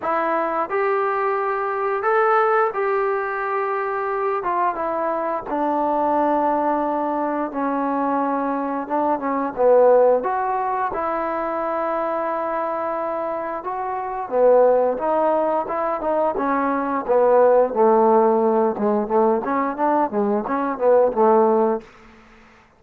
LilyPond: \new Staff \with { instrumentName = "trombone" } { \time 4/4 \tempo 4 = 88 e'4 g'2 a'4 | g'2~ g'8 f'8 e'4 | d'2. cis'4~ | cis'4 d'8 cis'8 b4 fis'4 |
e'1 | fis'4 b4 dis'4 e'8 dis'8 | cis'4 b4 a4. gis8 | a8 cis'8 d'8 gis8 cis'8 b8 a4 | }